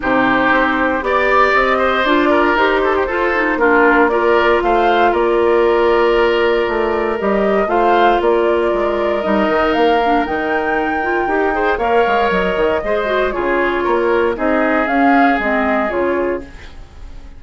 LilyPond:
<<
  \new Staff \with { instrumentName = "flute" } { \time 4/4 \tempo 4 = 117 c''2 d''4 dis''4 | d''4 c''2 ais'4 | d''4 f''4 d''2~ | d''2 dis''4 f''4 |
d''2 dis''4 f''4 | g''2. f''4 | dis''2 cis''2 | dis''4 f''4 dis''4 cis''4 | }
  \new Staff \with { instrumentName = "oboe" } { \time 4/4 g'2 d''4. c''8~ | c''8 ais'4 a'16 g'16 a'4 f'4 | ais'4 c''4 ais'2~ | ais'2. c''4 |
ais'1~ | ais'2~ ais'8 c''8 cis''4~ | cis''4 c''4 gis'4 ais'4 | gis'1 | }
  \new Staff \with { instrumentName = "clarinet" } { \time 4/4 dis'2 g'2 | f'4 g'4 f'8 dis'8 d'4 | f'1~ | f'2 g'4 f'4~ |
f'2 dis'4. d'8 | dis'4. f'8 g'8 gis'8 ais'4~ | ais'4 gis'8 fis'8 f'2 | dis'4 cis'4 c'4 f'4 | }
  \new Staff \with { instrumentName = "bassoon" } { \time 4/4 c4 c'4 b4 c'4 | d'4 dis'4 f'4 ais4~ | ais4 a4 ais2~ | ais4 a4 g4 a4 |
ais4 gis4 g8 dis8 ais4 | dis2 dis'4 ais8 gis8 | fis8 dis8 gis4 cis4 ais4 | c'4 cis'4 gis4 cis4 | }
>>